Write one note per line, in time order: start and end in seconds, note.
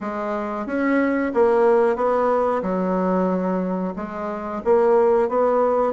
0.00 0.66 G#3
0.66 1.32 C#4
1.34 1.96 A#3
1.96 2.62 B3
2.62 3.94 F#3
3.96 4.62 G#3
4.64 5.28 A#3
5.28 5.93 B3